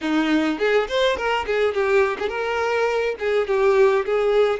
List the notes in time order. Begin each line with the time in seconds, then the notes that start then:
0.01 D#4
0.58 G#4
0.88 C5
1.16 A#4
1.46 G#4
1.74 G4
2.19 G#4
2.28 A#4
3.19 G#4
3.47 G4
4.05 G#4